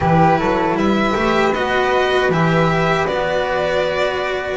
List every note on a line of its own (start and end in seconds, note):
0.00 0.39 E3
0.00 1.13 E4
0.00 0.38 G4
0.00 0.76 B4
0.39 0.75 F#3
0.39 0.76 A4
0.75 1.14 G3
0.75 4.57 B4
0.75 1.53 E5
1.13 1.54 A3
1.13 1.52 G4
1.53 2.29 B3
1.53 2.32 F#4
1.53 2.30 D#5
2.29 3.06 E3
2.29 3.07 G4
2.29 3.06 E5
3.06 4.57 B3
3.06 4.57 F#4
3.06 4.57 D5